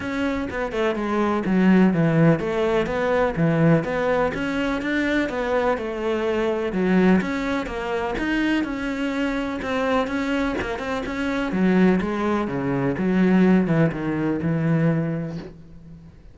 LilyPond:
\new Staff \with { instrumentName = "cello" } { \time 4/4 \tempo 4 = 125 cis'4 b8 a8 gis4 fis4 | e4 a4 b4 e4 | b4 cis'4 d'4 b4 | a2 fis4 cis'4 |
ais4 dis'4 cis'2 | c'4 cis'4 ais8 c'8 cis'4 | fis4 gis4 cis4 fis4~ | fis8 e8 dis4 e2 | }